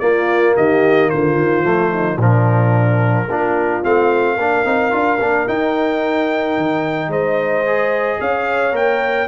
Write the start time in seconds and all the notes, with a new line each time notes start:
0.00 A#3 F4 D5
0.57 D#3 G4 D#5
1.10 D3 F4 C5
1.35 D#3
1.64 F3 A3
1.91 D#4
2.17 A#2 F3 D4 A#4
3.29 A#3 D4 F4
3.83 A3 C4 F5
4.37 A#3 D4 A#4
4.65 C4 D#4
4.91 D4 F4
5.20 A#3 D4
5.48 D#4 G5
6.57 D#3
7.08 G#3 C5 D#5
7.66 G#4
8.21 C#4 C#5 F5
8.73 A#3 A#4 G5